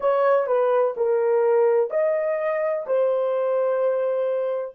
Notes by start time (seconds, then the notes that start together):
0.00 C#5
0.46 B4
0.96 A#4
1.90 D#5
2.87 C5